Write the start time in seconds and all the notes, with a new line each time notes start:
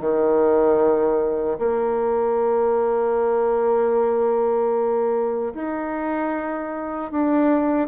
0.00 D#3
1.59 A#3
5.54 D#4
7.11 D4